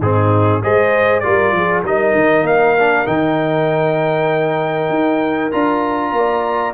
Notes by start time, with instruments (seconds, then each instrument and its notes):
0.00 tuba G#2, trombone C4, horn D#4, trumpet G#4
0.62 tuba G#3, trombone G#4, horn C5, trumpet D#5
1.20 trombone F4, horn A#4, trumpet D5
1.26 tuba G3
1.52 tuba F3, horn G#4
1.83 tuba G3, trombone D#4, horn A#4, trumpet D#5
2.14 tuba D#3
2.42 tuba A#3, trumpet F5
2.78 trombone D4
3.06 tuba D#3, trombone D#4, trumpet G5
4.89 tuba D#4
5.51 tuba D4, trombone F4, trumpet A#5
6.12 tuba A#3, horn D5